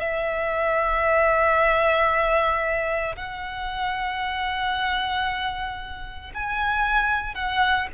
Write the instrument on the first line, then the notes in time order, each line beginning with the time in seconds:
violin
0.00 E5
3.16 F#5
6.34 G#5
7.35 F#5